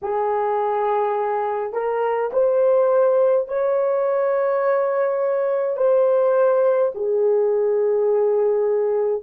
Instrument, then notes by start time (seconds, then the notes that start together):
horn
0.02 G#4
1.73 A#4
2.32 C5
3.48 C#5
5.76 C5
6.94 G#4